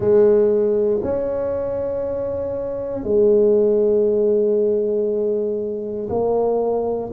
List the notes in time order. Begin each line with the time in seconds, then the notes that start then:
0.00 G#3
1.02 C#4
3.03 G#3
6.09 A#3